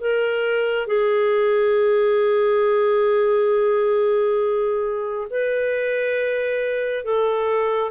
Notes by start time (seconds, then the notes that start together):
0.00 A#4
0.87 G#4
5.30 B4
7.05 A4